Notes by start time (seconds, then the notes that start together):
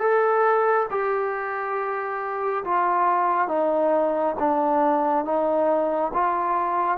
0.00 A4
0.91 G4
2.65 F4
3.48 D#4
4.40 D4
5.25 D#4
6.14 F4